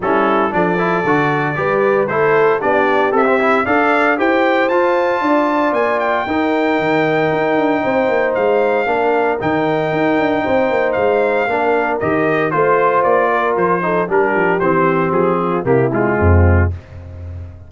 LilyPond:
<<
  \new Staff \with { instrumentName = "trumpet" } { \time 4/4 \tempo 4 = 115 a'4 d''2. | c''4 d''4 e''4 f''4 | g''4 a''2 gis''8 g''8~ | g''1 |
f''2 g''2~ | g''4 f''2 dis''4 | c''4 d''4 c''4 ais'4 | c''4 gis'4 g'8 f'4. | }
  \new Staff \with { instrumentName = "horn" } { \time 4/4 e'4 a'2 b'4 | a'4 g'2 d''4 | c''2 d''2 | ais'2. c''4~ |
c''4 ais'2. | c''2 ais'2 | c''4. ais'4 a'8 g'4~ | g'4. f'8 e'4 c'4 | }
  \new Staff \with { instrumentName = "trombone" } { \time 4/4 cis'4 d'8 e'8 fis'4 g'4 | e'4 d'4 a'16 c'16 e'8 a'4 | g'4 f'2. | dis'1~ |
dis'4 d'4 dis'2~ | dis'2 d'4 g'4 | f'2~ f'8 dis'8 d'4 | c'2 ais8 gis4. | }
  \new Staff \with { instrumentName = "tuba" } { \time 4/4 g4 f4 d4 g4 | a4 b4 c'4 d'4 | e'4 f'4 d'4 ais4 | dis'4 dis4 dis'8 d'8 c'8 ais8 |
gis4 ais4 dis4 dis'8 d'8 | c'8 ais8 gis4 ais4 dis4 | a4 ais4 f4 g8 f8 | e4 f4 c4 f,4 | }
>>